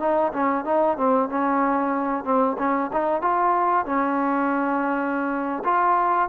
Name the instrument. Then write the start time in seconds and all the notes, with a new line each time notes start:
trombone
0.00 D#4
0.33 C#4
0.65 D#4
0.97 C4
1.30 C#4
2.25 C4
2.59 C#4
2.93 D#4
3.22 F4
3.86 C#4
5.65 F4